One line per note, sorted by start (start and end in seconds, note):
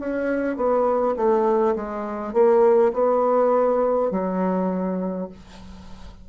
0.00 0.57 C#4
0.57 1.16 B3
1.17 1.75 A3
1.76 2.33 G#3
2.33 2.92 A#3
2.94 4.11 B3
4.11 5.29 F#3